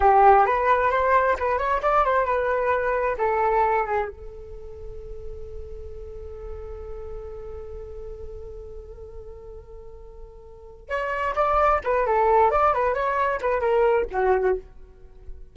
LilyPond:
\new Staff \with { instrumentName = "flute" } { \time 4/4 \tempo 4 = 132 g'4 b'4 c''4 b'8 cis''8 | d''8 c''8 b'2 a'4~ | a'8 gis'8 a'2.~ | a'1~ |
a'1~ | a'1 | cis''4 d''4 b'8 a'4 d''8 | b'8 cis''4 b'8 ais'4 fis'4 | }